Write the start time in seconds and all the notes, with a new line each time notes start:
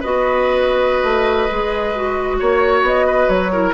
0.00 B3 F#4 B4 D#5
1.03 A3
1.50 G#3 G#4
1.95 F#4
2.39 A#3 C#5
2.82 B3 D#5
3.06 B4
3.28 F#3 C#5
3.52 E4 A#4